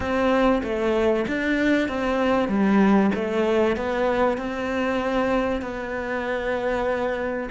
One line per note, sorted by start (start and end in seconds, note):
0.00 0.62 C4
0.62 1.25 A3
1.27 1.88 D4
1.88 2.48 C4
2.48 3.11 G3
3.14 3.76 A3
3.76 4.38 B3
4.38 5.61 C4
5.61 7.49 B3